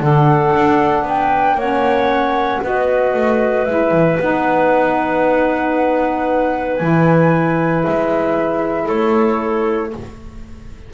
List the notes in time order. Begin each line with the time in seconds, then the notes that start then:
0.00 D3 D4 A4 F#5
0.55 D4
1.03 B3 B4
1.09 G5
1.55 A#3 C#4 C#5 F#5
2.62 B3 F#4 B4 D#5
3.14 A3
3.65 G#3 E4 E5
3.92 E3
4.19 B3 D#4 F#5
6.77 E3 E4 G#5
7.84 G#3 E5
8.86 A3 A4 C#5